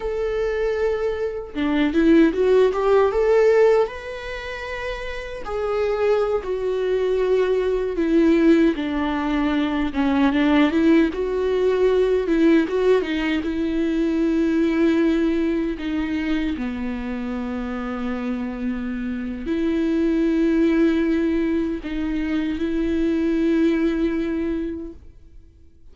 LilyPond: \new Staff \with { instrumentName = "viola" } { \time 4/4 \tempo 4 = 77 a'2 d'8 e'8 fis'8 g'8 | a'4 b'2 gis'4~ | gis'16 fis'2 e'4 d'8.~ | d'8. cis'8 d'8 e'8 fis'4. e'16~ |
e'16 fis'8 dis'8 e'2~ e'8.~ | e'16 dis'4 b2~ b8.~ | b4 e'2. | dis'4 e'2. | }